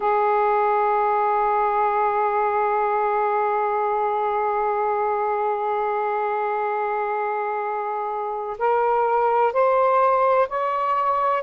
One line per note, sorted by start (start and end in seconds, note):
0.00 8.57 G#4
8.58 9.52 A#4
9.52 10.48 C5
10.48 11.43 C#5